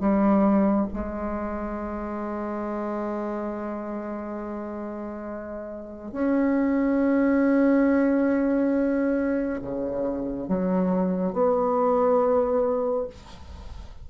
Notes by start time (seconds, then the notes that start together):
0.00 G3
0.93 G#3
6.12 C#4
9.62 C#3
10.48 F#3
11.33 B3